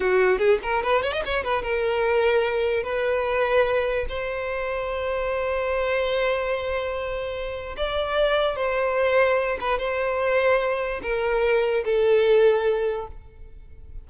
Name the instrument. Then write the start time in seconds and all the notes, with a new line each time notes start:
violin
0.00 F#4
0.38 G#4
0.62 A#4
0.82 B4
1.02 C#5
1.12 D#5
1.25 C#5
1.43 B4
1.62 A#4
2.83 B4
4.08 C5
7.76 D5
8.56 C5
9.60 B4
9.78 C5
11.02 A#4
11.84 A4